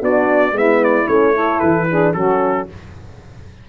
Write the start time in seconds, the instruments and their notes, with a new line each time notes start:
0.00 tuba B3, horn D4, saxophone F#4, trumpet D5
0.52 tuba G#3, horn B3, saxophone E4, trumpet E5
0.84 trumpet D5
1.08 tuba A3, horn C#4, trumpet C#5
1.34 horn E4, saxophone A4
1.60 tuba E3, trumpet B4
1.90 horn D4, saxophone G#4
2.14 tuba F#3, horn C#4, saxophone F#4, trumpet A4